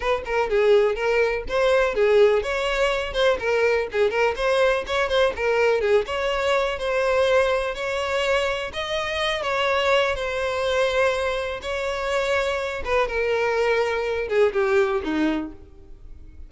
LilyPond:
\new Staff \with { instrumentName = "violin" } { \time 4/4 \tempo 4 = 124 b'8 ais'8 gis'4 ais'4 c''4 | gis'4 cis''4. c''8 ais'4 | gis'8 ais'8 c''4 cis''8 c''8 ais'4 | gis'8 cis''4. c''2 |
cis''2 dis''4. cis''8~ | cis''4 c''2. | cis''2~ cis''8 b'8 ais'4~ | ais'4. gis'8 g'4 dis'4 | }